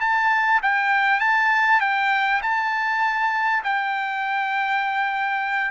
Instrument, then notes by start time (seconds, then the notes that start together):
trumpet
0.00 A5
0.62 G5
1.20 A5
1.80 G5
2.42 A5
3.63 G5